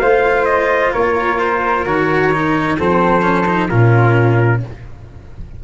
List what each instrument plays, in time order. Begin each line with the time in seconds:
0.00 tuba A3, cello F4, flute C5, trumpet F5
0.45 trumpet D#5
0.93 tuba A#3, flute A#4, trumpet C#5
1.39 trumpet C5
1.86 tuba D#3, cello F#4, trumpet C#5
2.33 cello D#4
2.78 tuba F3, cello C4, flute A4, trumpet C5
3.22 cello C#4
3.46 cello D#4
3.68 tuba A#2, cello C#4, flute F4, trumpet A#4